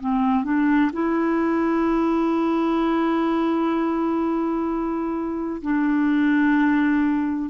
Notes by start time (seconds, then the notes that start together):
0.00 C4
0.44 D4
0.93 E4
5.62 D4